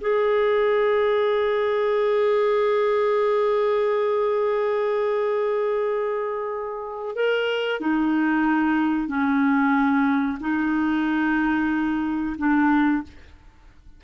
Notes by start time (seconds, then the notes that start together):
0.00 G#4
7.15 A#4
7.80 D#4
9.07 C#4
10.40 D#4
12.37 D4